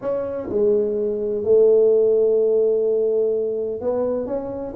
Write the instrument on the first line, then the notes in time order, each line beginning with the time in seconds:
tuba
0.01 C#4
0.49 G#3
1.44 A3
3.81 B3
4.26 C#4